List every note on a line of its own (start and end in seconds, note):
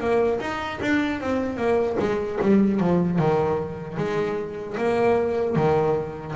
0.00 0.39 A#3
0.40 0.79 D#4
0.81 1.20 D4
1.20 1.57 C4
1.57 1.96 A#3
1.99 2.39 G#3
2.41 2.80 G3
2.80 3.18 F3
3.18 3.97 D#3
3.97 4.76 G#3
4.77 5.56 A#3
5.56 6.34 D#3